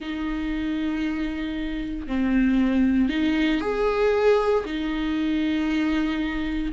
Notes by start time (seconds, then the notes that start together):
0.00 D#4
2.07 C4
3.09 D#4
3.60 G#4
4.65 D#4